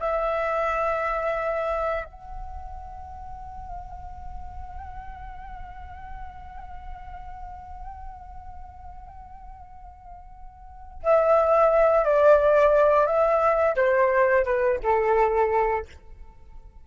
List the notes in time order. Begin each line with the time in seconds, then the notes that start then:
0.00 E5
2.05 F#5
11.03 E5
12.05 D5
13.07 E5
13.76 C5
14.45 B4
14.83 A4